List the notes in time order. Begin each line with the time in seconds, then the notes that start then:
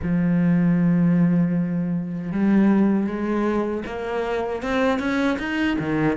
0.02 F3
2.31 G3
3.06 G#3
3.86 A#3
4.62 C4
4.99 C#4
5.38 D#4
5.79 D#3